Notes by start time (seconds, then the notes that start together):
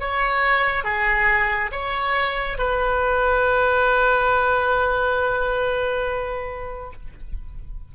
0.00 C#5
0.84 G#4
1.72 C#5
2.58 B4